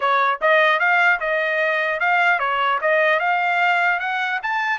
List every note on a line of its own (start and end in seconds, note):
0.00 0.39 C#5
0.41 0.79 D#5
0.79 1.19 F5
1.19 1.99 D#5
1.99 2.39 F5
2.39 2.79 C#5
2.81 3.19 D#5
3.19 3.99 F5
3.99 4.39 F#5
4.42 4.78 A5